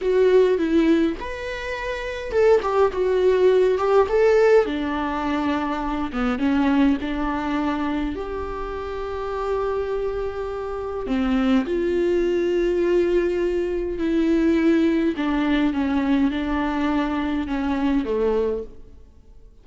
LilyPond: \new Staff \with { instrumentName = "viola" } { \time 4/4 \tempo 4 = 103 fis'4 e'4 b'2 | a'8 g'8 fis'4. g'8 a'4 | d'2~ d'8 b8 cis'4 | d'2 g'2~ |
g'2. c'4 | f'1 | e'2 d'4 cis'4 | d'2 cis'4 a4 | }